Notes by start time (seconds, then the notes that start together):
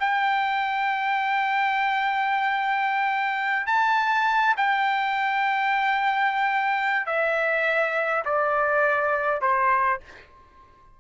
0.00 G5
3.67 A5
4.57 G5
7.06 E5
8.25 D5
9.41 C5